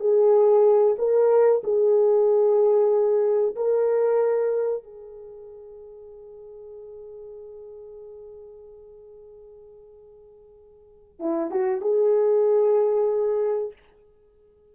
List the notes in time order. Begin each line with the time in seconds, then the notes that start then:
0.00 G#4
0.98 A#4
1.64 G#4
3.55 A#4
4.83 G#4
11.20 E4
11.51 F#4
11.81 G#4